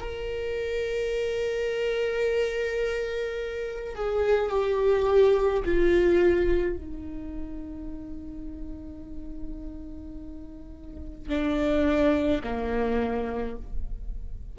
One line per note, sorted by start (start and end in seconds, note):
0.00 3.95 A#4
3.95 4.50 G#4
4.50 5.63 G4
5.65 6.77 F4
6.77 11.29 D#4
11.29 12.42 D4
12.44 13.57 A#3